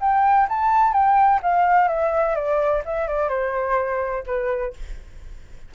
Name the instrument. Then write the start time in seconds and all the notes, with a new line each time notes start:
flute
0.00 G5
0.48 A5
0.92 G5
1.42 F5
1.88 E5
2.35 D5
2.85 E5
3.07 D5
3.29 C5
4.26 B4